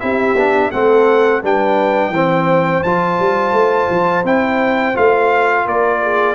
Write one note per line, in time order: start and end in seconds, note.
0.00 0.35 C4
0.00 0.36 E4
0.00 0.71 G4
0.00 0.71 E5
0.35 0.70 B3
0.35 0.72 D4
0.71 1.43 A3
0.71 1.43 C4
0.71 1.41 A4
0.71 1.42 F#5
1.42 2.10 G3
1.42 2.13 D4
1.42 2.12 B4
1.42 2.83 G5
2.10 2.80 E3
2.10 2.85 C4
2.10 5.66 C5
2.83 3.19 F3
2.83 4.24 F4
2.83 4.24 A5
3.19 3.53 G3
3.53 3.88 A3
3.90 4.24 F3
4.24 4.95 C4
4.24 4.95 E4
4.24 4.97 G5
4.95 5.66 A3
4.95 6.35 F4
4.95 5.67 F5
5.66 6.35 A#3
5.66 6.02 A#4
5.66 6.35 D5
6.02 6.35 G#4